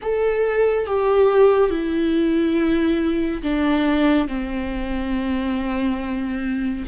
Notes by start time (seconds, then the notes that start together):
0.02 A4
0.86 G4
1.70 E4
3.42 D4
4.27 C4